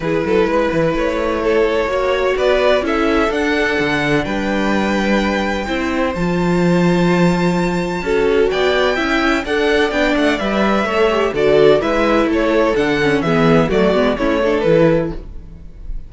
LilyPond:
<<
  \new Staff \with { instrumentName = "violin" } { \time 4/4 \tempo 4 = 127 b'2 cis''2~ | cis''4 d''4 e''4 fis''4~ | fis''4 g''2.~ | g''4 a''2.~ |
a''2 g''2 | fis''4 g''8 fis''8 e''2 | d''4 e''4 cis''4 fis''4 | e''4 d''4 cis''4 b'4 | }
  \new Staff \with { instrumentName = "violin" } { \time 4/4 gis'8 a'8 b'2 a'4 | cis''4 b'4 a'2~ | a'4 b'2. | c''1~ |
c''4 a'4 d''4 e''4 | d''2. cis''4 | a'4 b'4 a'2 | gis'4 fis'4 e'8 a'4. | }
  \new Staff \with { instrumentName = "viola" } { \time 4/4 e'1 | fis'2 e'4 d'4~ | d'1 | e'4 f'2.~ |
f'4 fis'2 e'4 | a'4 d'4 b'4 a'8 g'8 | fis'4 e'2 d'8 cis'8 | b4 a8 b8 cis'8 d'8 e'4 | }
  \new Staff \with { instrumentName = "cello" } { \time 4/4 e8 fis8 gis8 e8 a2 | ais4 b4 cis'4 d'4 | d4 g2. | c'4 f2.~ |
f4 cis'4 b4 cis'4 | d'4 b8 a8 g4 a4 | d4 gis4 a4 d4 | e4 fis8 gis8 a4 e4 | }
>>